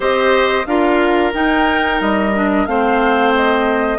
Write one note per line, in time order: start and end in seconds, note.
0.00 0.65 C4
0.00 0.64 G4
0.00 0.66 C5
0.00 0.66 D#5
0.66 1.32 D4
0.66 1.32 F4
0.66 2.68 A#4
0.66 1.32 F5
1.32 2.32 D#4
1.32 2.00 D#4
1.32 2.00 G5
2.00 2.66 G3
2.00 2.66 D#5
2.34 2.67 D4
2.66 3.98 A3
2.66 3.98 C4
2.66 3.98 C5
2.66 3.32 F5
3.35 3.98 D#5